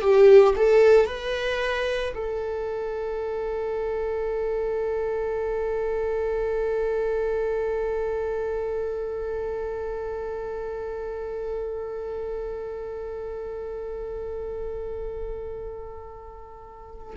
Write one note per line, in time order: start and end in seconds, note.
0.00 0.54 G4
0.56 1.06 A4
1.06 2.13 B4
2.14 17.14 A4